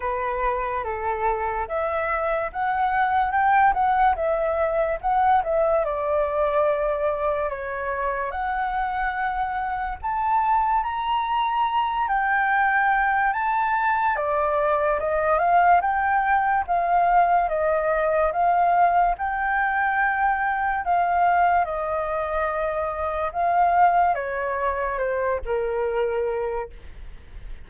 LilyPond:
\new Staff \with { instrumentName = "flute" } { \time 4/4 \tempo 4 = 72 b'4 a'4 e''4 fis''4 | g''8 fis''8 e''4 fis''8 e''8 d''4~ | d''4 cis''4 fis''2 | a''4 ais''4. g''4. |
a''4 d''4 dis''8 f''8 g''4 | f''4 dis''4 f''4 g''4~ | g''4 f''4 dis''2 | f''4 cis''4 c''8 ais'4. | }